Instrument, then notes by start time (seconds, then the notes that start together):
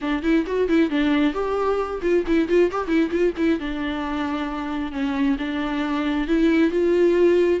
viola
0.01 D4
0.23 E4
0.46 F#4
0.68 E4
0.90 D4
1.33 G4
2.01 F4
2.26 E4
2.48 F4
2.71 G4
2.87 E4
3.10 F4
3.37 E4
3.59 D4
4.92 C#4
5.38 D4
6.27 E4
6.70 F4